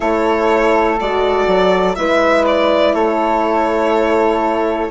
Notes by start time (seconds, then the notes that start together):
0.00 A3 E4 A4 C#5
1.00 G#3 F#4 D5
1.47 F#3
1.95 G#3 E4 B4 E5
2.46 D5
2.94 A3 A4 C#5